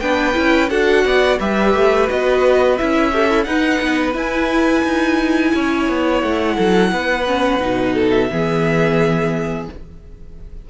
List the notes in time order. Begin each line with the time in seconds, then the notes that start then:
0.00 B3 D4 B4 G5
0.33 C#4 E4
0.70 D4 F#4 A4 F#5
1.05 B3 D5
1.39 G3 G4 B4 E5
1.74 A3
2.08 B3 F#4 D#5
2.77 C#4 E4 E5
3.12 G4 A4
3.29 E4
3.44 D#4 B4 F#5
3.81 B3
4.12 E4 G#5
4.84 D#4
5.54 C#4 C#5
5.89 B3
6.21 A3 F#5
6.56 F#3 A4
6.92 B3 B4
7.26 C#4
7.60 B2 D#4
7.94 A4
8.10 E5
8.30 E3 B3 G#4